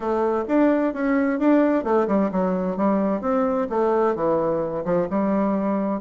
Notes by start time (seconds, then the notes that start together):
0.00 A3
0.48 D4
0.93 C#4
1.39 D4
1.84 A3
2.07 G3
2.31 F#3
2.76 G3
3.21 C4
3.69 A3
4.15 E3
4.84 F3
5.09 G3